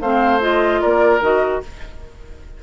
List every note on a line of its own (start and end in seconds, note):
0.00 0.81 A3
0.00 0.40 C4
0.00 0.81 C5
0.00 0.41 F5
0.40 1.20 F4
0.40 0.81 D#5
0.81 1.20 A#3
0.81 1.61 A#4
0.81 1.22 D5
1.20 1.60 D#3
1.20 1.62 F#4
1.20 1.62 D#5